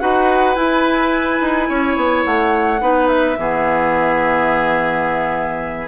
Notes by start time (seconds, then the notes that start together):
0.00 D#4 F#4 B4 F#5
0.55 E4 G#5
1.41 D#4
1.69 C#4 C#5
1.96 B3
2.24 A3 F#5
2.80 B3 D#4 B4
3.07 E5
3.37 E3 B3 G#4